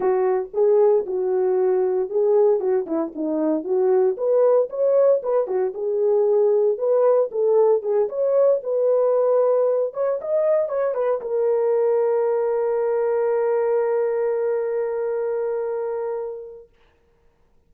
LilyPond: \new Staff \with { instrumentName = "horn" } { \time 4/4 \tempo 4 = 115 fis'4 gis'4 fis'2 | gis'4 fis'8 e'8 dis'4 fis'4 | b'4 cis''4 b'8 fis'8 gis'4~ | gis'4 b'4 a'4 gis'8 cis''8~ |
cis''8 b'2~ b'8 cis''8 dis''8~ | dis''8 cis''8 b'8 ais'2~ ais'8~ | ais'1~ | ais'1 | }